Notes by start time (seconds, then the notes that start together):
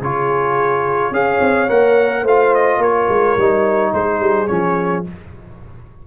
0.00 C#3 F4 G#4 C#5
1.11 C#4 G#4 C#5 F5
1.41 C4
1.68 A#3 A#4 F#5
2.22 A3 F4 C5 F5
2.55 D#5
2.78 A#3 A#4 C#5
3.09 G#3
3.37 G3 D#4
3.93 G#3 G#4 C5
4.20 G3
4.47 F3 C#4 C#5